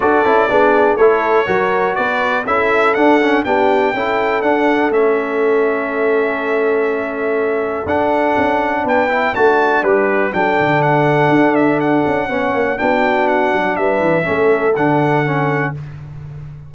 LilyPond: <<
  \new Staff \with { instrumentName = "trumpet" } { \time 4/4 \tempo 4 = 122 d''2 cis''2 | d''4 e''4 fis''4 g''4~ | g''4 fis''4 e''2~ | e''1 |
fis''2 g''4 a''4 | b'4 g''4 fis''4. e''8 | fis''2 g''4 fis''4 | e''2 fis''2 | }
  \new Staff \with { instrumentName = "horn" } { \time 4/4 a'4 gis'4 a'4 ais'4 | b'4 a'2 g'4 | a'1~ | a'1~ |
a'2 b'4 d'4~ | d'4 a'2.~ | a'4 cis''4 fis'2 | b'4 a'2. | }
  \new Staff \with { instrumentName = "trombone" } { \time 4/4 fis'8 e'8 d'4 e'4 fis'4~ | fis'4 e'4 d'8 cis'8 d'4 | e'4 d'4 cis'2~ | cis'1 |
d'2~ d'8 e'8 fis'4 | g'4 d'2.~ | d'4 cis'4 d'2~ | d'4 cis'4 d'4 cis'4 | }
  \new Staff \with { instrumentName = "tuba" } { \time 4/4 d'8 cis'8 b4 a4 fis4 | b4 cis'4 d'4 b4 | cis'4 d'4 a2~ | a1 |
d'4 cis'4 b4 a4 | g4 fis8 d4. d'4~ | d'8 cis'8 b8 ais8 b4. fis8 | g8 e8 a4 d2 | }
>>